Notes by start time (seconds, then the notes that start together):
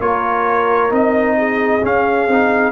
0.00 A#3 F4 A#4 C#5
0.90 C4 D#4 D#5
1.38 G#4
1.83 C#4 F5
2.28 C4 D#4